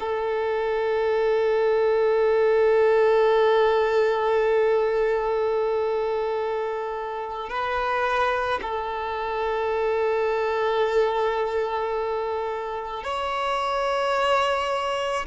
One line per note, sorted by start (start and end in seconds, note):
0.00 7.49 A4
7.49 8.60 B4
8.62 13.04 A4
13.04 15.26 C#5